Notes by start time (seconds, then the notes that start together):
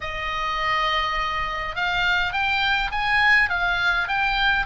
0.00 D#5
1.75 F5
2.32 G5
2.91 G#5
3.50 F5
4.08 G5